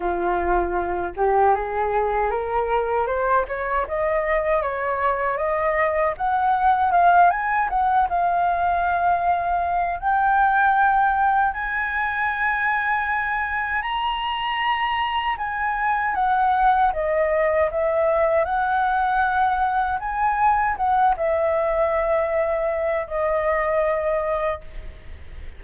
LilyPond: \new Staff \with { instrumentName = "flute" } { \time 4/4 \tempo 4 = 78 f'4. g'8 gis'4 ais'4 | c''8 cis''8 dis''4 cis''4 dis''4 | fis''4 f''8 gis''8 fis''8 f''4.~ | f''4 g''2 gis''4~ |
gis''2 ais''2 | gis''4 fis''4 dis''4 e''4 | fis''2 gis''4 fis''8 e''8~ | e''2 dis''2 | }